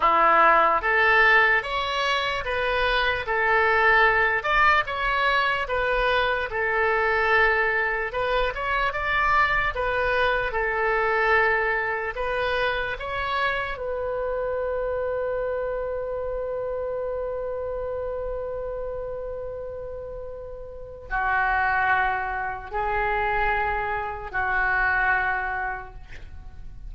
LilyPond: \new Staff \with { instrumentName = "oboe" } { \time 4/4 \tempo 4 = 74 e'4 a'4 cis''4 b'4 | a'4. d''8 cis''4 b'4 | a'2 b'8 cis''8 d''4 | b'4 a'2 b'4 |
cis''4 b'2.~ | b'1~ | b'2 fis'2 | gis'2 fis'2 | }